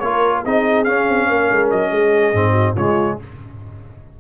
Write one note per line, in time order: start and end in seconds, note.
0.00 0.44 A#3
0.00 0.46 F4
0.00 0.42 A#4
0.00 0.42 C#5
0.44 0.88 C4
0.44 0.86 D#4
0.44 1.29 G#4
0.44 0.84 D#5
0.84 2.34 C#4
0.84 1.09 C#4
0.84 1.69 F5
1.09 1.29 C4
1.29 1.51 A#3
1.29 1.91 A#4
1.52 1.72 G#3
1.71 1.91 F#3
1.71 2.76 D#5
1.91 2.34 G#3
1.91 2.51 G#4
2.34 2.76 G#2
2.34 2.77 C4
2.51 2.73 F#4
2.76 3.19 C#3
2.76 3.20 G#3
2.76 3.18 F4
2.76 3.19 C#5